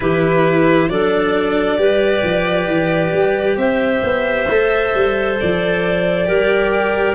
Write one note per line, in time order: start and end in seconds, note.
0.00 0.88 E3
0.00 0.89 E4
0.00 0.90 G4
0.00 0.88 B4
0.88 1.77 F#3
0.88 1.77 D4
0.88 1.79 A4
0.88 3.57 D5
1.77 2.22 G3
1.77 4.46 G4
1.77 3.58 B4
2.23 2.67 F3
2.67 3.12 E3
3.13 3.57 G3
3.57 4.01 C4
3.57 6.27 C5
3.57 5.37 E5
4.03 4.48 B3
4.48 4.93 A3
4.48 6.26 A4
4.94 5.39 G3
5.40 6.28 F3
5.40 7.14 D5
6.26 7.14 G3
6.26 7.14 G4
6.26 7.14 A#4